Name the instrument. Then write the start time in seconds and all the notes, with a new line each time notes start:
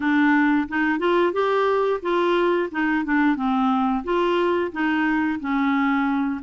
clarinet
0.00 D4
0.68 D#4
0.99 F4
1.33 G4
2.02 F4
2.71 D#4
3.04 D4
3.36 C4
4.04 F4
4.72 D#4
5.39 C#4